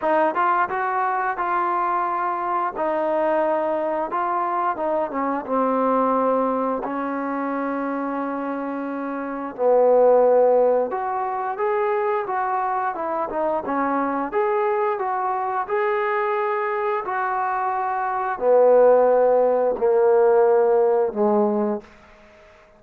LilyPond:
\new Staff \with { instrumentName = "trombone" } { \time 4/4 \tempo 4 = 88 dis'8 f'8 fis'4 f'2 | dis'2 f'4 dis'8 cis'8 | c'2 cis'2~ | cis'2 b2 |
fis'4 gis'4 fis'4 e'8 dis'8 | cis'4 gis'4 fis'4 gis'4~ | gis'4 fis'2 b4~ | b4 ais2 gis4 | }